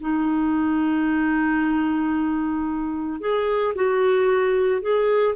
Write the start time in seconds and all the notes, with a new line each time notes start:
0.00 D#4
3.20 G#4
3.75 F#4
4.81 G#4